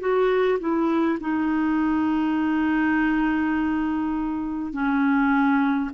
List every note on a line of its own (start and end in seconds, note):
0.00 0.59 F#4
0.60 1.19 E4
1.21 4.73 D#4
4.73 5.91 C#4